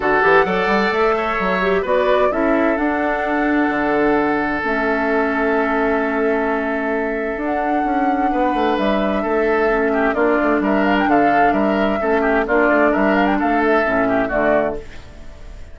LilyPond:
<<
  \new Staff \with { instrumentName = "flute" } { \time 4/4 \tempo 4 = 130 fis''2 e''2 | d''4 e''4 fis''2~ | fis''2 e''2~ | e''1 |
fis''2. e''4~ | e''2 d''4 e''8 f''16 g''16 | f''4 e''2 d''4 | e''8 f''16 g''16 f''8 e''4. d''4 | }
  \new Staff \with { instrumentName = "oboe" } { \time 4/4 a'4 d''4. cis''4. | b'4 a'2.~ | a'1~ | a'1~ |
a'2 b'2 | a'4. g'8 f'4 ais'4 | a'4 ais'4 a'8 g'8 f'4 | ais'4 a'4. g'8 fis'4 | }
  \new Staff \with { instrumentName = "clarinet" } { \time 4/4 fis'8 g'8 a'2~ a'8 g'8 | fis'4 e'4 d'2~ | d'2 cis'2~ | cis'1 |
d'1~ | d'4 cis'4 d'2~ | d'2 cis'4 d'4~ | d'2 cis'4 a4 | }
  \new Staff \with { instrumentName = "bassoon" } { \time 4/4 d8 e8 fis8 g8 a4 fis4 | b4 cis'4 d'2 | d2 a2~ | a1 |
d'4 cis'4 b8 a8 g4 | a2 ais8 a8 g4 | d4 g4 a4 ais8 a8 | g4 a4 a,4 d4 | }
>>